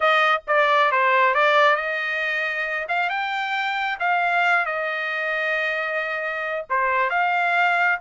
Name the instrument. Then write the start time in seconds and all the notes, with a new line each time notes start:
trumpet
0.00 D#5
0.47 D5
0.91 C5
1.34 D5
1.76 D#5
2.88 F5
3.09 G5
3.99 F5
4.65 D#5
6.69 C5
7.10 F5